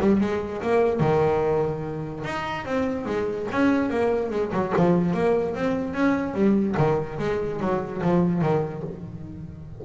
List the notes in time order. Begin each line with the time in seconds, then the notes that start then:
0.00 G3
0.21 G#3
0.62 A#3
1.00 D#3
2.24 D#4
2.65 C4
3.06 G#3
3.52 C#4
3.90 A#3
4.31 G#3
4.52 F#3
4.77 F3
5.14 A#3
5.55 C4
5.94 C#4
6.34 G3
6.78 D#3
7.19 G#3
7.60 F#3
8.02 F3
8.42 D#3